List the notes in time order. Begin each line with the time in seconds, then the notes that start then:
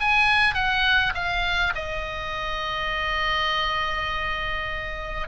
0.00 G#5
0.54 F#5
1.14 F5
1.75 D#5